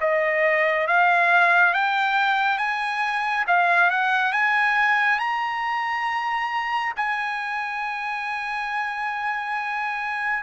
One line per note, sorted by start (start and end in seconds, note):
0.00 0.87 D#5
0.87 1.73 F5
1.73 2.58 G5
2.58 3.45 G#5
3.47 3.90 F5
3.90 4.32 F#5
4.32 5.19 G#5
5.19 6.93 A#5
6.96 10.43 G#5